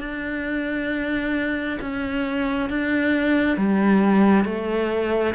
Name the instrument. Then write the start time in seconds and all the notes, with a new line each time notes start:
cello
0.00 D4
1.81 C#4
2.70 D4
3.57 G3
4.45 A3